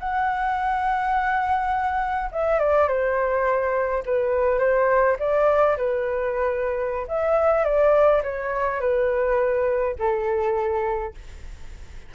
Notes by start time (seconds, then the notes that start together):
0.00 F#5
2.32 E5
2.59 D5
2.88 C5
4.06 B4
4.59 C5
5.19 D5
5.77 B4
7.08 E5
7.65 D5
8.24 C#5
8.81 B4
9.99 A4